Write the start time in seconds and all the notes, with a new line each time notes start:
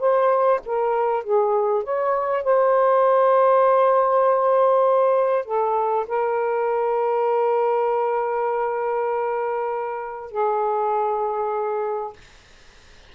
0.00 C5
0.66 A#4
1.24 G#4
1.84 C#5
2.44 C5
5.45 A4
6.08 A#4
10.32 G#4